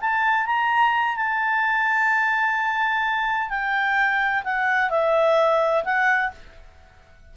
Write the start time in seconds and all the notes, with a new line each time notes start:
0.00 A5
0.46 A#5
1.16 A5
3.49 G5
4.44 F#5
4.90 E5
5.84 F#5